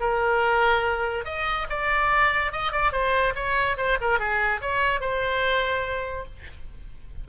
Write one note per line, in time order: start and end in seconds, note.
0.00 1.25 A#4
1.25 1.67 D#5
1.70 2.52 D5
2.52 2.72 D#5
2.72 2.92 D5
2.92 3.34 C5
3.35 3.77 C#5
3.77 3.98 C5
4.01 4.20 A#4
4.20 4.61 G#4
4.61 5.01 C#5
5.01 6.26 C5